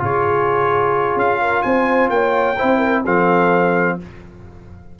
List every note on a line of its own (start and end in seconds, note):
0.00 1.16 C#3
0.00 2.56 F4
0.00 1.41 G#4
0.00 1.19 C#5
1.16 1.62 C#4
1.16 1.62 F5
1.41 1.64 A#4
1.62 2.10 C4
1.62 2.13 C5
1.62 2.09 G#5
2.10 2.56 A#3
2.10 2.57 C#5
2.10 3.03 G5
2.57 3.06 C4
2.57 3.05 E4
2.57 2.78 C5
2.78 3.01 A#4
3.04 3.99 F3
3.04 4.00 C4
3.04 3.97 A4
3.04 3.99 F5